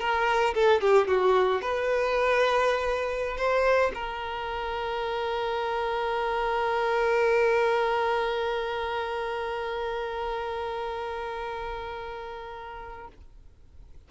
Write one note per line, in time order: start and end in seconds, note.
0.00 0.55 A#4
0.55 0.81 A4
0.81 1.08 G4
1.08 1.62 F#4
1.62 3.37 B4
3.37 3.92 C5
3.95 13.08 A#4